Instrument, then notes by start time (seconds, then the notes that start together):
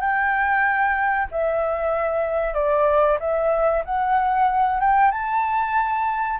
flute
0.00 G5
1.31 E5
2.54 D5
3.19 E5
3.84 F#5
4.80 G5
5.11 A5